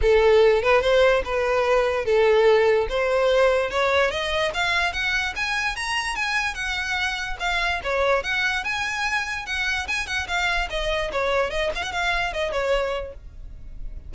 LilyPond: \new Staff \with { instrumentName = "violin" } { \time 4/4 \tempo 4 = 146 a'4. b'8 c''4 b'4~ | b'4 a'2 c''4~ | c''4 cis''4 dis''4 f''4 | fis''4 gis''4 ais''4 gis''4 |
fis''2 f''4 cis''4 | fis''4 gis''2 fis''4 | gis''8 fis''8 f''4 dis''4 cis''4 | dis''8 f''16 fis''16 f''4 dis''8 cis''4. | }